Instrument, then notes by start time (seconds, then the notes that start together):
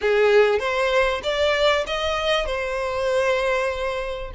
violin
0.01 G#4
0.59 C5
1.23 D5
1.86 D#5
2.46 C5